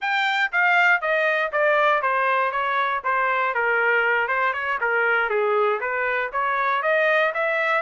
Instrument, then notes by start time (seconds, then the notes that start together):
trumpet
0.01 G5
0.52 F5
1.01 D#5
1.52 D5
2.02 C5
2.51 C#5
3.04 C5
3.54 A#4
4.28 C5
4.53 C#5
4.81 A#4
5.29 G#4
5.80 B4
6.32 C#5
6.82 D#5
7.33 E5